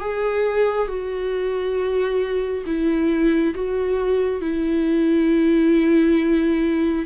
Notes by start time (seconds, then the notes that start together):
0.00 G#4
0.88 F#4
2.66 E4
3.54 F#4
4.41 E4